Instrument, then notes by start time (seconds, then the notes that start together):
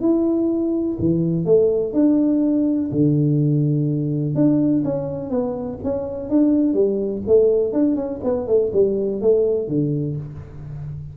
tuba
0.00 E4
0.99 E3
1.45 A3
1.93 D4
2.91 D3
4.35 D4
4.84 C#4
5.30 B3
5.84 C#4
6.29 D4
6.73 G3
7.26 A3
7.72 D4
7.96 C#4
8.23 B3
8.47 A3
8.73 G3
9.21 A3
9.68 D3